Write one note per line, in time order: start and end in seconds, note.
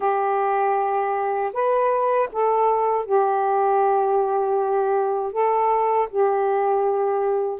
0.00 1.52 G4
1.53 2.29 B4
2.32 3.05 A4
3.05 5.32 G4
5.32 6.08 A4
6.10 7.59 G4